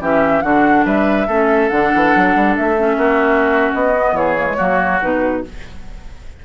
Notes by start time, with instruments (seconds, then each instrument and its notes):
0.00 bassoon E3, clarinet C#4, oboe G4, flute E5
0.41 bassoon D3, clarinet D4, oboe F#4, flute F#5
0.85 bassoon G3, oboe B4, flute E5
1.27 bassoon A3, clarinet C#4, oboe A4
1.69 bassoon D3, clarinet D4, flute F#5
1.95 bassoon E3
2.15 bassoon F#3
2.35 bassoon G3
2.56 bassoon A3, flute E5
2.77 clarinet C#4
2.97 bassoon A#3, oboe F#4
3.73 bassoon B3, flute D#5
3.95 clarinet B3
4.12 bassoon E3, oboe G#4, flute C#5
4.38 clarinet A#3
4.46 clarinet G#3
4.57 bassoon F#3, clarinet A#3, oboe F#4
5.01 bassoon B2, clarinet D#4, flute B4